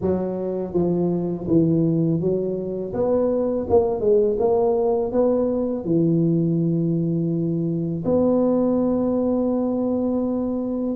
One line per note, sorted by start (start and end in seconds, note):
0.01 0.73 F#3
0.73 1.46 F3
1.47 2.20 E3
2.20 2.93 F#3
2.93 3.66 B3
3.69 4.00 A#3
4.00 4.37 G#3
4.39 5.12 A#3
5.12 5.84 B3
5.84 8.04 E3
8.05 10.96 B3